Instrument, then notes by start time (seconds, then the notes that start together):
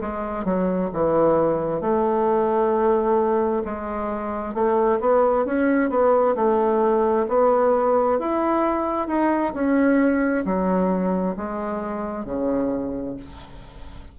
bassoon
0.00 G#3
0.44 F#3
0.93 E3
1.81 A3
3.64 G#3
4.54 A3
5.00 B3
5.45 C#4
5.89 B3
6.35 A3
7.28 B3
8.19 E4
9.07 D#4
9.53 C#4
10.45 F#3
11.36 G#3
12.25 C#3